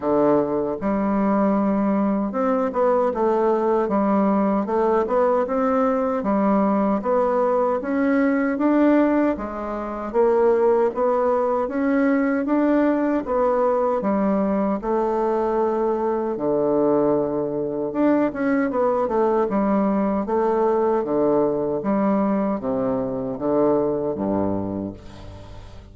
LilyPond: \new Staff \with { instrumentName = "bassoon" } { \time 4/4 \tempo 4 = 77 d4 g2 c'8 b8 | a4 g4 a8 b8 c'4 | g4 b4 cis'4 d'4 | gis4 ais4 b4 cis'4 |
d'4 b4 g4 a4~ | a4 d2 d'8 cis'8 | b8 a8 g4 a4 d4 | g4 c4 d4 g,4 | }